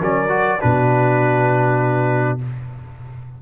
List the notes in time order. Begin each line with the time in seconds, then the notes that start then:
0.00 F#3 C#4 A#4 D5
0.29 F#4
0.60 B2 D4 F#4 B4